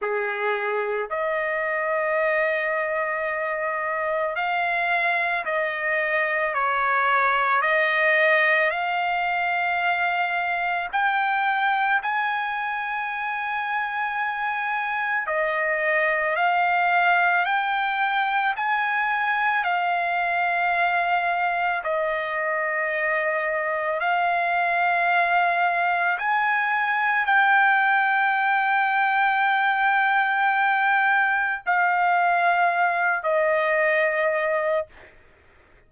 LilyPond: \new Staff \with { instrumentName = "trumpet" } { \time 4/4 \tempo 4 = 55 gis'4 dis''2. | f''4 dis''4 cis''4 dis''4 | f''2 g''4 gis''4~ | gis''2 dis''4 f''4 |
g''4 gis''4 f''2 | dis''2 f''2 | gis''4 g''2.~ | g''4 f''4. dis''4. | }